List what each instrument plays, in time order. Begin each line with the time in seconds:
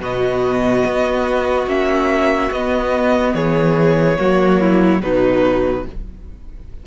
0.00 cello B2, viola B3, violin F#4 D#5
0.86 cello B3
1.67 cello A#3, viola C#4, violin E5
2.51 cello B3, viola B3, violin D#5
3.35 cello E3, violin G#4 C#5
4.18 cello F#3, viola A#3, violin F#4
4.61 violin E4
5.01 cello B2, viola F#3, violin D#4 B4